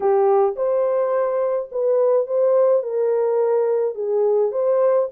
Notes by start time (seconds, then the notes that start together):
0.00 G4
0.56 C5
1.71 B4
2.26 C5
2.83 A#4
3.94 G#4
4.51 C5